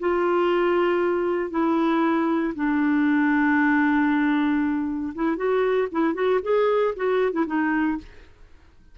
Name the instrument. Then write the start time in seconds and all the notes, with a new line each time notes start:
clarinet
0.00 F4
1.51 E4
2.55 D4
5.15 E4
5.37 F#4
5.92 E4
6.15 F#4
6.43 G#4
6.96 F#4
7.33 E4
7.47 D#4